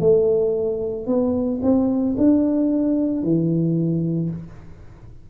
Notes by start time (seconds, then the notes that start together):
0.00 A3
1.07 B3
1.63 C4
2.17 D4
3.23 E3